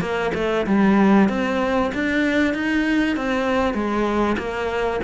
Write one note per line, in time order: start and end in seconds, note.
0.00 0.31 A#3
0.34 0.65 A3
0.66 1.28 G3
1.28 1.91 C4
1.94 2.53 D4
2.53 3.16 D#4
3.16 3.74 C4
3.74 4.36 G#3
4.38 5.00 A#3